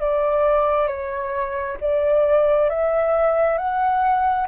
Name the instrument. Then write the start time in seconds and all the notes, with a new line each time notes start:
flute
0.00 D5
0.87 C#5
1.81 D5
2.69 E5
3.58 F#5